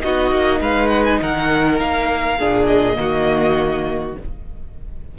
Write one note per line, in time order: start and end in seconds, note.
0.00 0.31 B3
0.00 2.38 D#4
0.00 0.60 F#4
0.00 0.61 D#5
0.31 0.60 A#3
0.60 1.20 G#3
0.60 1.20 B4
0.60 0.88 F5
0.88 1.03 F#5
1.04 1.19 G#5
1.21 1.80 D#3
1.21 2.38 A#4
1.21 1.79 F#5
1.79 2.40 A#3
1.79 2.66 F5
2.38 2.97 A#2
2.38 2.95 D4
2.38 2.97 G#4
2.66 4.14 D#5
2.95 4.16 D#3
2.95 4.13 A#3
2.95 4.18 F#4